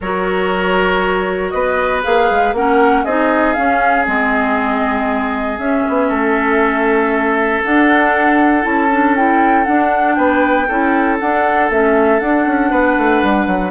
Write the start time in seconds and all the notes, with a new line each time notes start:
0.00 F#3 F#4 A#4 C#5
1.50 B3 B4 D#5
2.03 A#3 G#4 F5
2.30 G#3
2.52 A#3 C#4 A#4 F#5
3.04 C4 D#4 G#4 D#5
3.53 C#4 F5
4.05 G#3 C4 D#5
5.58 C#4 E5
5.88 B3
6.08 A3 A4
7.64 D4 F#5
8.62 C#4 E4 A5
8.91 D4
9.16 E4 G5
9.64 D4 F#5
10.15 B3 B4 G5
10.68 C#4 E4 A4
11.19 D4 F#5
11.70 A3 C#4 E5
12.19 D4 F#5
12.46 C#4
12.70 B3 B4
12.97 A3
13.22 G3
13.46 F#3